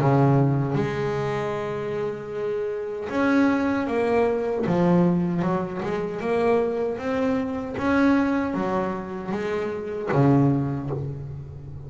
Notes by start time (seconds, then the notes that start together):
0.00 C#3
0.75 G#3
3.10 C#4
3.87 A#3
4.66 F3
5.42 F#3
5.83 G#3
6.21 A#3
6.98 C4
7.78 C#4
8.54 F#3
9.32 G#3
10.12 C#3